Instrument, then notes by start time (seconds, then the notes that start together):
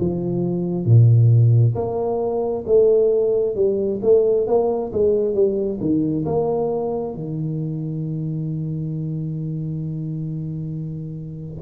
tuba
0.00 F3
0.85 A#2
1.75 A#3
2.67 A3
3.56 G3
4.02 A3
4.47 A#3
4.93 G#3
5.34 G3
5.80 D#3
6.26 A#3
7.15 D#3